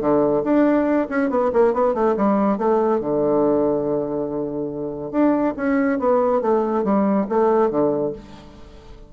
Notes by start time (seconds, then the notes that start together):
0.00 D3
0.44 D4
1.09 C#4
1.30 B3
1.53 A#3
1.73 B3
1.94 A3
2.17 G3
2.58 A3
3.00 D3
5.11 D4
5.56 C#4
5.99 B3
6.42 A3
6.84 G3
7.29 A3
7.70 D3